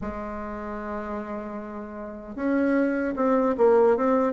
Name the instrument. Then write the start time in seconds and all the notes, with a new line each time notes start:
bassoon
0.01 G#3
2.35 C#4
3.15 C4
3.57 A#3
3.96 C4